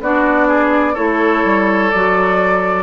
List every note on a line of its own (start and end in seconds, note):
0.00 0.95 B3
0.00 0.95 D4
0.00 0.48 F#4
0.00 0.96 D5
0.48 0.93 G#4
0.93 1.44 A3
0.93 1.91 E4
0.93 2.83 A4
0.93 1.90 C#5
1.44 1.92 G3
1.90 2.83 F#3
1.90 2.83 F#4
1.90 2.83 D5